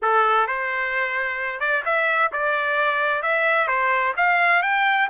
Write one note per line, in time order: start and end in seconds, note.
0.01 0.47 A4
0.47 1.60 C5
1.60 1.83 D5
1.85 2.31 E5
2.32 3.22 D5
3.22 3.67 E5
3.67 4.13 C5
4.16 4.62 F5
4.62 5.08 G5